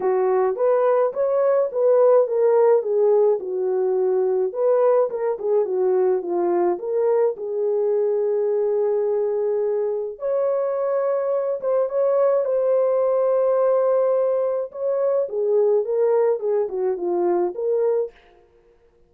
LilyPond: \new Staff \with { instrumentName = "horn" } { \time 4/4 \tempo 4 = 106 fis'4 b'4 cis''4 b'4 | ais'4 gis'4 fis'2 | b'4 ais'8 gis'8 fis'4 f'4 | ais'4 gis'2.~ |
gis'2 cis''2~ | cis''8 c''8 cis''4 c''2~ | c''2 cis''4 gis'4 | ais'4 gis'8 fis'8 f'4 ais'4 | }